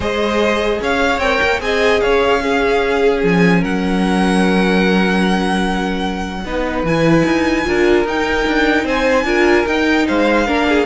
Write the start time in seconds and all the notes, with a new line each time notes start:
0.00 G#3 G#4 C5 D#5
0.81 C#4 C#5 F5
1.18 C4 A#4 G5
1.42 A#3
1.59 C4 G#4 D#5 G#5
2.00 C#4 C#5 F5
2.41 C#4 G#4
3.23 F3 G#5
3.60 F#3 A#4 F#5
6.44 B3 D#4 B4
6.83 E3 E4 G#5
7.25 D#4
7.65 D4 F4 A#4
8.04 D#4 G5
8.47 D4
8.84 C4 C5 G#5
9.23 D4 F4 A#4
9.66 D#4 G5
10.07 G#3 C5 F5
10.46 A#3 D4 A#4
10.68 G#4